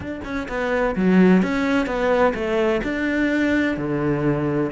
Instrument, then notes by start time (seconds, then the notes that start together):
cello
0.00 D4
0.24 C#4
0.48 B3
0.95 F#3
1.42 C#4
1.86 B3
2.34 A3
2.83 D4
3.77 D3